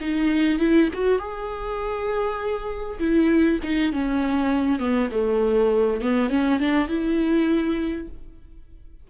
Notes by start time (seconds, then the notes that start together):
0.00 D#4
0.59 E4
0.93 F#4
1.18 G#4
2.99 E4
3.63 D#4
3.92 C#4
4.79 B3
5.11 A3
6.01 B3
6.29 C#4
6.59 D4
6.88 E4